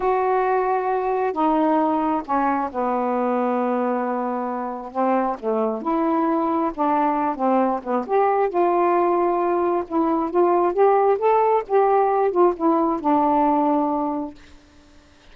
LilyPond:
\new Staff \with { instrumentName = "saxophone" } { \time 4/4 \tempo 4 = 134 fis'2. dis'4~ | dis'4 cis'4 b2~ | b2. c'4 | a4 e'2 d'4~ |
d'8 c'4 b8 g'4 f'4~ | f'2 e'4 f'4 | g'4 a'4 g'4. f'8 | e'4 d'2. | }